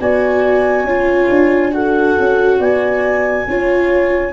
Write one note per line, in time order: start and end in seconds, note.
0.00 0.84 B3
0.00 0.87 F#4
0.00 0.85 D5
0.00 1.74 G#5
0.84 1.28 C#4
0.84 1.71 F4
0.84 1.72 C#5
1.29 2.16 D4
1.71 3.45 F#4
1.71 2.60 A4
1.71 2.61 F#5
2.19 2.59 C#4
2.59 3.46 B3
2.59 3.47 D5
2.59 4.32 G#5
3.47 4.32 C#4
3.47 4.32 F4
3.47 4.32 C#5